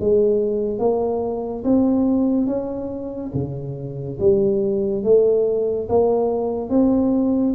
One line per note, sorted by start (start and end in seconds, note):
0.00 0.79 G#3
0.79 1.64 A#3
1.64 2.47 C4
2.47 3.31 C#4
3.34 4.19 C#3
4.20 5.04 G3
5.04 5.88 A3
5.89 6.70 A#3
6.70 7.54 C4